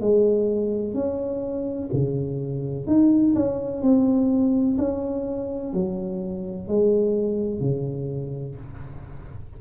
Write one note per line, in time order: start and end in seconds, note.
0.00 0.94 G#3
0.94 1.89 C#4
1.92 2.86 C#3
2.86 3.34 D#4
3.35 3.81 C#4
3.81 4.77 C4
4.77 5.73 C#4
5.73 6.68 F#3
6.68 7.60 G#3
7.60 8.55 C#3